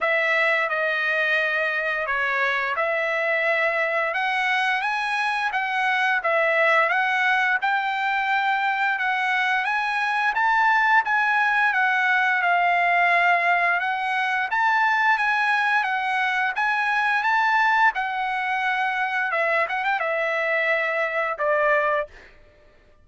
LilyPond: \new Staff \with { instrumentName = "trumpet" } { \time 4/4 \tempo 4 = 87 e''4 dis''2 cis''4 | e''2 fis''4 gis''4 | fis''4 e''4 fis''4 g''4~ | g''4 fis''4 gis''4 a''4 |
gis''4 fis''4 f''2 | fis''4 a''4 gis''4 fis''4 | gis''4 a''4 fis''2 | e''8 fis''16 g''16 e''2 d''4 | }